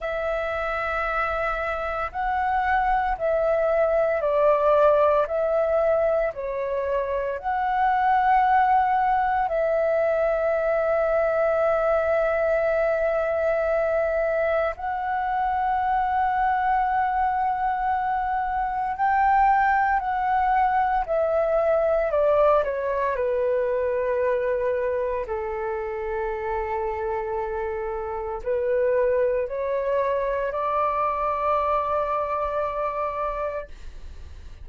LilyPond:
\new Staff \with { instrumentName = "flute" } { \time 4/4 \tempo 4 = 57 e''2 fis''4 e''4 | d''4 e''4 cis''4 fis''4~ | fis''4 e''2.~ | e''2 fis''2~ |
fis''2 g''4 fis''4 | e''4 d''8 cis''8 b'2 | a'2. b'4 | cis''4 d''2. | }